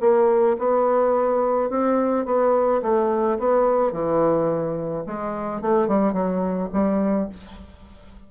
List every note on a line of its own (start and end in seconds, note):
0.00 0.56 A#3
0.58 1.70 B3
1.70 2.25 C4
2.25 2.81 B3
2.82 3.38 A3
3.38 3.92 B3
3.92 5.04 E3
5.06 5.61 G#3
5.61 5.88 A3
5.88 6.13 G3
6.13 6.69 F#3
6.73 7.29 G3